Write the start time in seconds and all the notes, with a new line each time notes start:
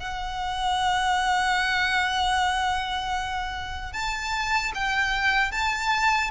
0.00 F#5
3.93 A5
4.74 G5
5.52 A5